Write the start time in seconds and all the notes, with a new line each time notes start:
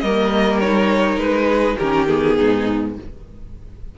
0.00 G3 A#3 A#4 D#5
0.60 D#4 C#5
1.17 G#3 B4
1.47 G#4
1.78 D#3 C#4 G4 A#4
2.08 B3 G#4
2.37 G#2 D#4